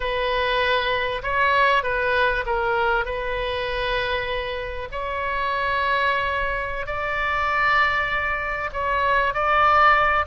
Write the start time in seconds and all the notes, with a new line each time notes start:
0.00 B4
1.22 C#5
1.83 B4
2.45 A#4
3.05 B4
4.91 C#5
6.86 D5
8.72 C#5
9.34 D5